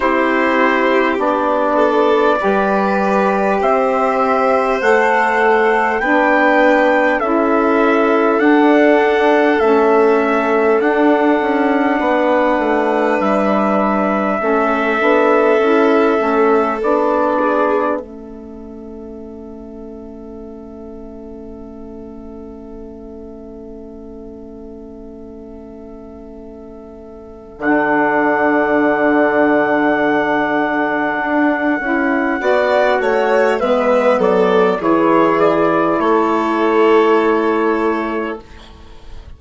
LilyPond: <<
  \new Staff \with { instrumentName = "trumpet" } { \time 4/4 \tempo 4 = 50 c''4 d''2 e''4 | fis''4 g''4 e''4 fis''4 | e''4 fis''2 e''4~ | e''2 d''4 e''4~ |
e''1~ | e''2. fis''4~ | fis''1 | e''8 d''8 cis''8 d''8 cis''2 | }
  \new Staff \with { instrumentName = "violin" } { \time 4/4 g'4. a'8 b'4 c''4~ | c''4 b'4 a'2~ | a'2 b'2 | a'2~ a'8 gis'8 a'4~ |
a'1~ | a'1~ | a'2. d''8 cis''8 | b'8 a'8 gis'4 a'2 | }
  \new Staff \with { instrumentName = "saxophone" } { \time 4/4 e'4 d'4 g'2 | a'4 d'4 e'4 d'4 | cis'4 d'2. | cis'8 d'8 e'8 cis'8 d'4 cis'4~ |
cis'1~ | cis'2. d'4~ | d'2~ d'8 e'8 fis'4 | b4 e'2. | }
  \new Staff \with { instrumentName = "bassoon" } { \time 4/4 c'4 b4 g4 c'4 | a4 b4 cis'4 d'4 | a4 d'8 cis'8 b8 a8 g4 | a8 b8 cis'8 a8 b4 a4~ |
a1~ | a2. d4~ | d2 d'8 cis'8 b8 a8 | gis8 fis8 e4 a2 | }
>>